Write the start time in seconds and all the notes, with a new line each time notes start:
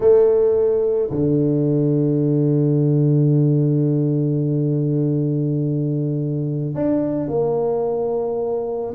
0.00 A3
1.10 D3
6.74 D4
7.28 A#3